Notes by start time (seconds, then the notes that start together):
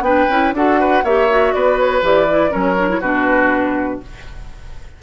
0.00 B3 D4 B4 G5
0.29 C#4 E4
0.52 D4 F#4 A4 F#5
0.80 B4
1.03 A#3 G4 C#5 E5
1.29 F#4
1.53 B3 B4 D5
1.78 C#5
2.02 E3 G4 D5
2.30 E4
2.49 F#3 C#4 A#4 C#5
2.78 D4
2.89 E4
3.00 B2 D4 F#4 B4